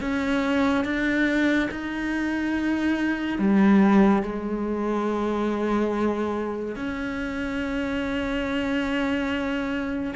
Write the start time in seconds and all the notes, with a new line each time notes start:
0.00 C#4
0.84 D4
1.71 D#4
3.38 G3
4.22 G#3
6.75 C#4